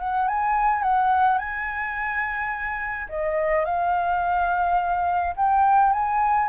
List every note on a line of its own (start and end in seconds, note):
0.00 0.28 F#5
0.28 0.83 G#5
0.83 1.39 F#5
1.39 3.08 G#5
3.10 3.65 D#5
3.65 5.35 F5
5.37 5.93 G5
5.93 6.49 G#5